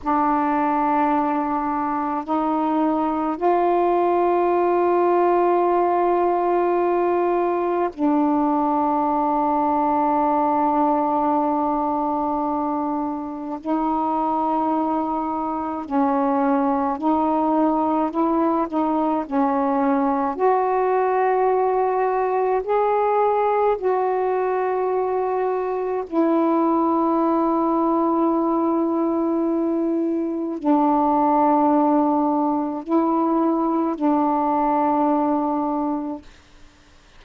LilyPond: \new Staff \with { instrumentName = "saxophone" } { \time 4/4 \tempo 4 = 53 d'2 dis'4 f'4~ | f'2. d'4~ | d'1 | dis'2 cis'4 dis'4 |
e'8 dis'8 cis'4 fis'2 | gis'4 fis'2 e'4~ | e'2. d'4~ | d'4 e'4 d'2 | }